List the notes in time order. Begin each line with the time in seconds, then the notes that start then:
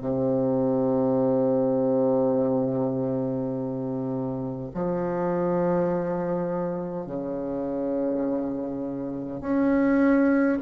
0.00 C3
4.74 F3
7.06 C#3
9.41 C#4